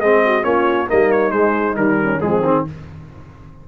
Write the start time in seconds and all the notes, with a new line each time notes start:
0.00 G#3 C4 G#4 D#5
0.25 F#4
0.42 A#3 C#4 F4 C#5
0.87 G3 A#3 D#4 D#5
1.11 C#5
1.31 G#3 C5
1.75 D#3 G3 A#4
2.02 C#4
2.20 F3 G#3 C4 G#4
2.41 D#3 C4